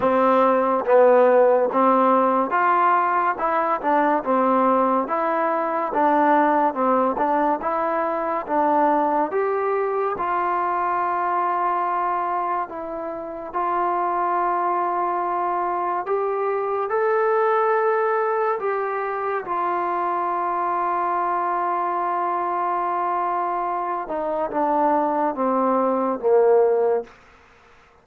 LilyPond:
\new Staff \with { instrumentName = "trombone" } { \time 4/4 \tempo 4 = 71 c'4 b4 c'4 f'4 | e'8 d'8 c'4 e'4 d'4 | c'8 d'8 e'4 d'4 g'4 | f'2. e'4 |
f'2. g'4 | a'2 g'4 f'4~ | f'1~ | f'8 dis'8 d'4 c'4 ais4 | }